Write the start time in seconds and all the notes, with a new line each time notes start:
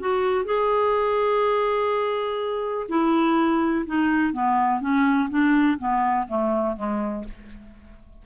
0.00 F#4
0.45 G#4
2.89 E4
3.87 D#4
4.34 B3
4.81 C#4
5.30 D4
5.79 B3
6.28 A3
6.77 G#3